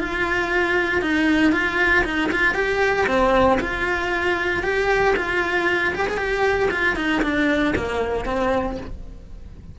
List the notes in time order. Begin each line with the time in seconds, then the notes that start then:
0.00 F4
1.02 D#4
1.52 F4
2.05 D#4
2.32 F4
2.55 G4
3.07 C4
3.61 F4
4.63 G4
5.16 F4
5.95 G4
6.09 G#4
6.18 G4
6.71 F4
6.96 D#4
7.23 D4
7.76 A#3
8.26 C4